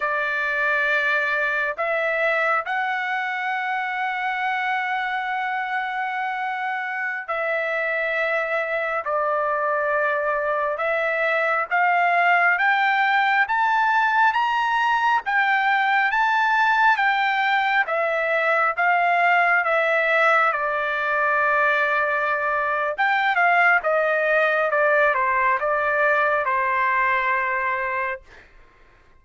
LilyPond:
\new Staff \with { instrumentName = "trumpet" } { \time 4/4 \tempo 4 = 68 d''2 e''4 fis''4~ | fis''1~ | fis''16 e''2 d''4.~ d''16~ | d''16 e''4 f''4 g''4 a''8.~ |
a''16 ais''4 g''4 a''4 g''8.~ | g''16 e''4 f''4 e''4 d''8.~ | d''2 g''8 f''8 dis''4 | d''8 c''8 d''4 c''2 | }